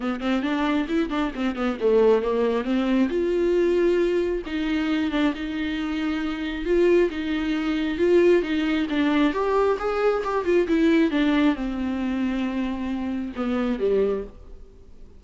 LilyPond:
\new Staff \with { instrumentName = "viola" } { \time 4/4 \tempo 4 = 135 b8 c'8 d'4 e'8 d'8 c'8 b8 | a4 ais4 c'4 f'4~ | f'2 dis'4. d'8 | dis'2. f'4 |
dis'2 f'4 dis'4 | d'4 g'4 gis'4 g'8 f'8 | e'4 d'4 c'2~ | c'2 b4 g4 | }